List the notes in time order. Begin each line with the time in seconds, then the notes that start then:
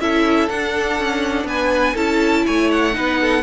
0.00 C#4 E4 A4 E5
0.49 D4 F#5
0.99 C#4
1.45 B3 B4 G#5
1.94 C#4 E4 A4 A5
2.46 A3 C#5 G#5
2.72 F#5
2.93 B3 D#4 B4
3.21 A4